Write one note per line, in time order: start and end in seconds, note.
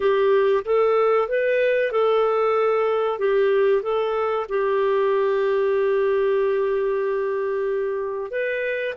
0.00 0.63 G4
0.64 1.28 A4
1.28 1.91 B4
1.91 3.19 A4
3.19 3.82 G4
3.82 4.46 A4
4.49 8.30 G4
8.30 8.94 B4